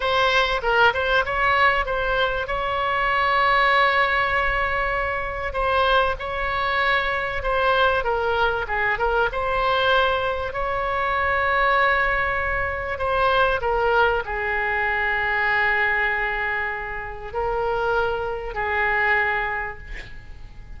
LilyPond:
\new Staff \with { instrumentName = "oboe" } { \time 4/4 \tempo 4 = 97 c''4 ais'8 c''8 cis''4 c''4 | cis''1~ | cis''4 c''4 cis''2 | c''4 ais'4 gis'8 ais'8 c''4~ |
c''4 cis''2.~ | cis''4 c''4 ais'4 gis'4~ | gis'1 | ais'2 gis'2 | }